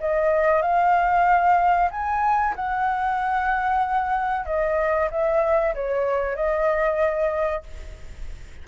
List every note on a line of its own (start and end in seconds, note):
0.00 0.62 D#5
0.62 1.89 F5
1.91 2.54 G#5
2.55 4.45 F#5
4.45 5.09 D#5
5.11 5.74 E5
5.75 6.35 C#5
6.35 7.63 D#5